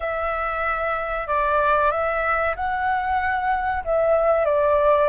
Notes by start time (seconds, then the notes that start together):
0.00 E5
1.27 D5
1.91 E5
2.56 F#5
3.84 E5
4.45 D5